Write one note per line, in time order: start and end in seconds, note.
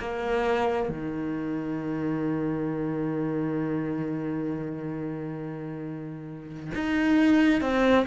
0.00 0.90 A#3
0.90 6.72 D#3
6.75 7.62 D#4
7.62 8.06 C4